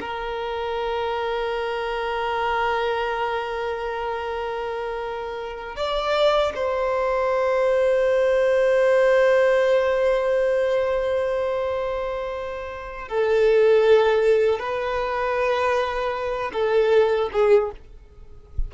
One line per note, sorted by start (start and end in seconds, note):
0.00 5.76 A#4
5.76 6.52 D5
6.55 13.08 C5
13.08 14.59 A4
14.59 16.51 B4
16.52 17.29 A4
17.32 17.71 G#4